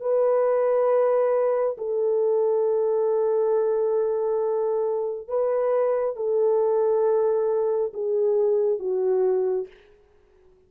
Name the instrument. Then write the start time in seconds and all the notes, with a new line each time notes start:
horn
0.00 B4
1.78 A4
5.28 B4
6.16 A4
7.93 G#4
8.79 F#4